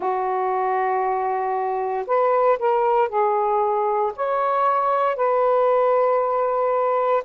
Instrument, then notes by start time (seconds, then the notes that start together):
saxophone
0.00 F#4
2.06 B4
2.59 A#4
3.08 G#4
4.16 C#5
5.16 B4